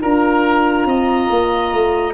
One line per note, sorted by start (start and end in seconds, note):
0.00 0.85 D4
0.00 2.14 F4
0.00 0.87 A#4
0.00 2.14 A#5
0.85 1.28 C4
0.85 2.14 D#5
1.30 1.72 A#3
1.72 2.14 A3